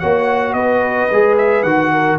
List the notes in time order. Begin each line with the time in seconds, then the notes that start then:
0.00 A#3 F#4 C#5 F#5
0.53 B3 B4 D#5
1.12 G#3 G#4
1.39 E5
1.63 D#3 F#4 F#5
1.93 A#4